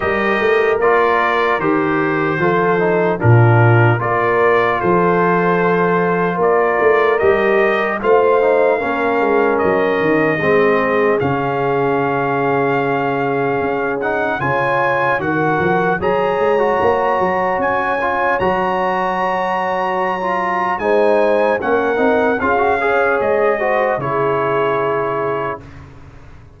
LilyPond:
<<
  \new Staff \with { instrumentName = "trumpet" } { \time 4/4 \tempo 4 = 75 dis''4 d''4 c''2 | ais'4 d''4 c''2 | d''4 dis''4 f''2 | dis''2 f''2~ |
f''4. fis''8 gis''4 fis''4 | ais''2 gis''4 ais''4~ | ais''2 gis''4 fis''4 | f''4 dis''4 cis''2 | }
  \new Staff \with { instrumentName = "horn" } { \time 4/4 ais'2. a'4 | f'4 ais'4 a'2 | ais'2 c''4 ais'4~ | ais'4 gis'2.~ |
gis'2 cis''4 ais'4 | cis''1~ | cis''2 c''4 ais'4 | gis'8 cis''4 c''8 gis'2 | }
  \new Staff \with { instrumentName = "trombone" } { \time 4/4 g'4 f'4 g'4 f'8 dis'8 | d'4 f'2.~ | f'4 g'4 f'8 dis'8 cis'4~ | cis'4 c'4 cis'2~ |
cis'4. dis'8 f'4 fis'4 | gis'8. fis'4.~ fis'16 f'8 fis'4~ | fis'4~ fis'16 f'8. dis'4 cis'8 dis'8 | f'16 fis'16 gis'4 fis'8 e'2 | }
  \new Staff \with { instrumentName = "tuba" } { \time 4/4 g8 a8 ais4 dis4 f4 | ais,4 ais4 f2 | ais8 a8 g4 a4 ais8 gis8 | fis8 dis8 gis4 cis2~ |
cis4 cis'4 cis4 dis8 f8 | fis8 gis8 ais8 fis8 cis'4 fis4~ | fis2 gis4 ais8 c'8 | cis'4 gis4 cis2 | }
>>